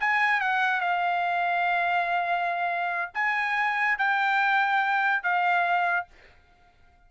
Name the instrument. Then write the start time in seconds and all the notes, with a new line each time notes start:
trumpet
0.00 G#5
0.40 F#5
0.80 F5
3.14 G#5
3.98 G5
5.23 F5